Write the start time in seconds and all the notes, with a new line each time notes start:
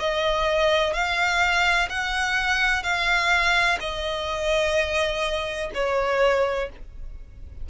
0.00 D#5
0.94 F5
1.90 F#5
2.84 F5
3.81 D#5
5.75 C#5